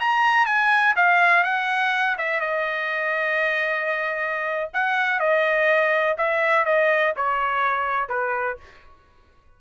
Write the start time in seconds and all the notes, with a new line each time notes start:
0.00 A#5
0.46 G#5
0.96 F5
1.44 F#5
2.18 E5
2.40 D#5
4.74 F#5
5.19 D#5
6.18 E5
6.65 D#5
7.16 C#5
8.09 B4